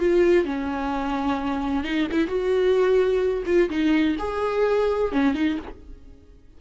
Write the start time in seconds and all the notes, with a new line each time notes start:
0.00 F4
0.45 C#4
1.84 D#4
2.12 E4
2.27 F#4
3.47 F4
3.70 D#4
4.19 G#4
5.12 C#4
5.35 D#4